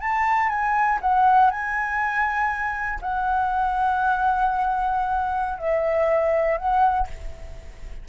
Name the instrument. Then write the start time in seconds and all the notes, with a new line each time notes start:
flute
0.00 A5
0.49 G#5
1.01 F#5
1.50 G#5
3.01 F#5
5.58 E5
6.57 F#5